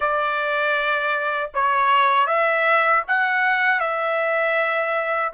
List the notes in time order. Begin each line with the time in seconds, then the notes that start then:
0.00 D5
1.54 C#5
2.26 E5
3.07 F#5
3.80 E5